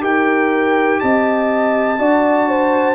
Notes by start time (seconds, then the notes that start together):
0.00 D#4 G4 A#4 G5
1.00 C4 D#5 A5
1.98 D4 F#4 D5
2.48 C5